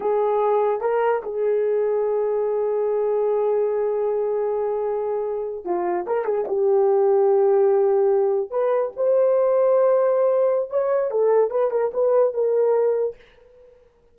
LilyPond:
\new Staff \with { instrumentName = "horn" } { \time 4/4 \tempo 4 = 146 gis'2 ais'4 gis'4~ | gis'1~ | gis'1~ | gis'4.~ gis'16 f'4 ais'8 gis'8 g'16~ |
g'1~ | g'8. b'4 c''2~ c''16~ | c''2 cis''4 a'4 | b'8 ais'8 b'4 ais'2 | }